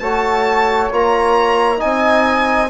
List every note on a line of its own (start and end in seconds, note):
0.00 0.91 A3
0.00 0.91 F#4
0.00 1.78 C#5
0.00 0.90 A5
0.92 1.82 A#3
0.92 1.78 F4
0.92 1.81 A#5
1.78 2.70 C4
1.78 2.68 D#4
1.78 2.68 D#5
1.78 2.70 G#5